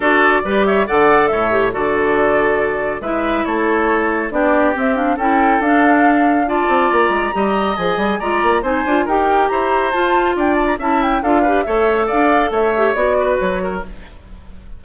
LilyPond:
<<
  \new Staff \with { instrumentName = "flute" } { \time 4/4 \tempo 4 = 139 d''4. e''8 fis''4 e''4 | d''2. e''4 | cis''2 d''4 e''8 f''8 | g''4 f''2 a''4 |
ais''2 gis''4 ais''4 | gis''4 g''4 ais''4 a''4 | g''8 a''16 ais''16 a''8 g''8 f''4 e''4 | f''4 e''4 d''4 cis''4 | }
  \new Staff \with { instrumentName = "oboe" } { \time 4/4 a'4 b'8 cis''8 d''4 cis''4 | a'2. b'4 | a'2 g'2 | a'2. d''4~ |
d''4 dis''2 d''4 | c''4 ais'4 c''2 | d''4 e''4 a'8 b'8 cis''4 | d''4 cis''4. b'4 ais'8 | }
  \new Staff \with { instrumentName = "clarinet" } { \time 4/4 fis'4 g'4 a'4. g'8 | fis'2. e'4~ | e'2 d'4 c'8 d'8 | e'4 d'2 f'4~ |
f'4 g'4 gis'4 f'4 | dis'8 f'8 g'2 f'4~ | f'4 e'4 f'8 g'8 a'4~ | a'4. g'8 fis'2 | }
  \new Staff \with { instrumentName = "bassoon" } { \time 4/4 d'4 g4 d4 a,4 | d2. gis4 | a2 b4 c'4 | cis'4 d'2~ d'8 c'8 |
ais8 gis8 g4 f8 g8 gis8 ais8 | c'8 d'8 dis'4 e'4 f'4 | d'4 cis'4 d'4 a4 | d'4 a4 b4 fis4 | }
>>